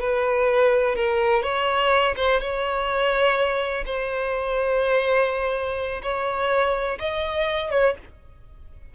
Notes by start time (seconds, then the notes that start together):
0.00 B4
0.96 A#4
1.42 C#5
2.16 C5
2.40 C#5
3.85 C5
6.02 C#5
6.99 D#5
7.71 C#5